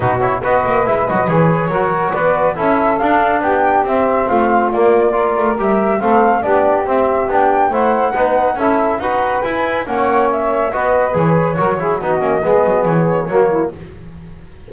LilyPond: <<
  \new Staff \with { instrumentName = "flute" } { \time 4/4 \tempo 4 = 140 b'8 cis''8 dis''4 e''8 dis''8 cis''4~ | cis''4 d''4 e''4 f''4 | g''4 e''4 f''4 d''4~ | d''4 e''4 f''4 d''4 |
e''4 g''4 fis''2 | e''4 fis''4 gis''4 fis''4 | e''4 dis''4 cis''2 | dis''2 cis''2 | }
  \new Staff \with { instrumentName = "saxophone" } { \time 4/4 fis'4 b'2. | ais'4 b'4 a'2 | g'2 f'2 | ais'2 a'4 g'4~ |
g'2 c''4 b'4 | a'4 b'2 cis''4~ | cis''4 b'2 ais'8 gis'8 | fis'4 gis'2 fis'8 e'8 | }
  \new Staff \with { instrumentName = "trombone" } { \time 4/4 dis'8 e'8 fis'4 e'8 fis'8 gis'4 | fis'2 e'4 d'4~ | d'4 c'2 ais4 | f'4 g'4 c'4 d'4 |
c'4 d'4 e'4 dis'4 | e'4 fis'4 e'4 cis'4~ | cis'4 fis'4 gis'4 fis'8 e'8 | dis'8 cis'8 b2 ais4 | }
  \new Staff \with { instrumentName = "double bass" } { \time 4/4 b,4 b8 ais8 gis8 fis8 e4 | fis4 b4 cis'4 d'4 | b4 c'4 a4 ais4~ | ais8 a8 g4 a4 b4 |
c'4 b4 a4 b4 | cis'4 dis'4 e'4 ais4~ | ais4 b4 e4 fis4 | b8 ais8 gis8 fis8 e4 fis4 | }
>>